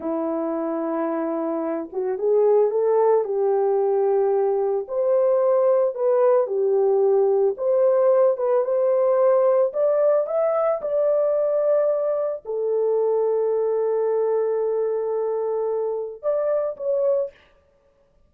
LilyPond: \new Staff \with { instrumentName = "horn" } { \time 4/4 \tempo 4 = 111 e'2.~ e'8 fis'8 | gis'4 a'4 g'2~ | g'4 c''2 b'4 | g'2 c''4. b'8 |
c''2 d''4 e''4 | d''2. a'4~ | a'1~ | a'2 d''4 cis''4 | }